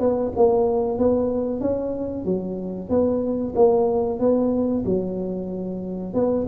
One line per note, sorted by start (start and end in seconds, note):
0.00 0.32 B3
0.37 0.99 A#3
0.99 1.61 B3
1.61 2.25 C#4
2.25 2.90 F#3
2.90 3.54 B3
3.56 4.20 A#3
4.20 4.84 B3
4.86 6.14 F#3
6.14 6.47 B3